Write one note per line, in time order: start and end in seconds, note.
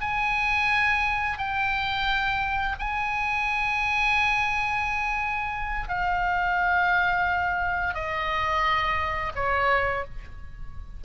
0.00 1.38 G#5
1.38 2.76 G5
2.79 5.88 G#5
5.88 7.94 F5
7.94 9.32 D#5
9.35 10.04 C#5